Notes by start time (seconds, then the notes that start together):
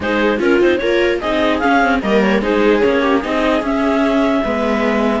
0.00 G#3 D#4 G#4 C5
0.38 C#4 F4 A#4
0.60 C4 D#4 C5
0.78 A#3 F4 A#4 C#5
1.20 C4 D#4 G#4 D#5
1.59 C#4 F5
1.82 C4
2.02 G3 A#3 A#4 D#5
2.21 C#5
2.41 G#3 D#4 G#4 C5
2.79 A#3 C#4 C#5
3.01 G4
3.20 C4 D#4 G#4 D#5
3.61 C#4 E5
4.44 G#3 B3 B4